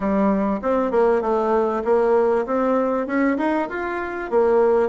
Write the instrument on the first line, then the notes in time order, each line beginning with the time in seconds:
bassoon
0.00 G3
0.62 C4
0.91 A#3
1.21 A3
1.84 A#3
2.45 C4
3.06 C#4
3.37 D#4
3.69 F4
4.30 A#3